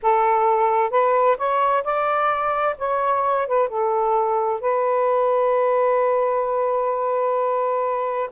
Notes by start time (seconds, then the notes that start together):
0.02 A4
0.90 B4
1.37 C#5
1.83 D5
2.78 C#5
3.47 B4
3.68 A4
4.60 B4